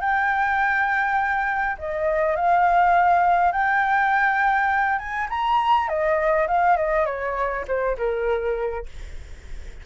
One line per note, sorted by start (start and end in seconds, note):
0.00 1.76 G5
1.78 2.36 D#5
2.36 3.51 F5
3.51 4.98 G5
4.98 5.28 G#5
5.29 5.88 A#5
5.88 6.47 D#5
6.47 6.76 F5
6.76 7.05 D#5
7.05 7.64 C#5
7.67 7.97 C5
7.97 8.85 A#4